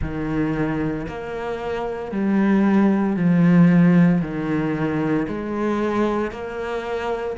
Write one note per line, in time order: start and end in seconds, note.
0.01 1.06 D#3
1.08 2.11 A#3
2.11 3.16 G3
3.16 4.21 F3
4.21 5.26 D#3
5.27 6.31 G#3
6.31 7.36 A#3